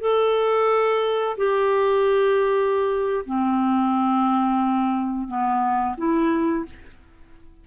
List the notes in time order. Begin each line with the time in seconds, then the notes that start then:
0.00 A4
1.37 G4
3.25 C4
5.27 B3
5.97 E4